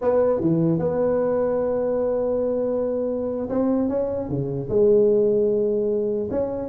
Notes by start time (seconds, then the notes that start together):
0.01 B3
0.40 E3
0.79 B3
3.49 C4
3.88 C#4
4.28 C#3
4.69 G#3
6.31 C#4